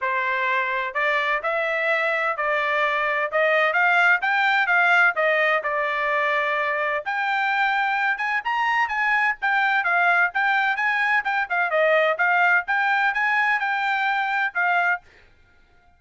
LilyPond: \new Staff \with { instrumentName = "trumpet" } { \time 4/4 \tempo 4 = 128 c''2 d''4 e''4~ | e''4 d''2 dis''4 | f''4 g''4 f''4 dis''4 | d''2. g''4~ |
g''4. gis''8 ais''4 gis''4 | g''4 f''4 g''4 gis''4 | g''8 f''8 dis''4 f''4 g''4 | gis''4 g''2 f''4 | }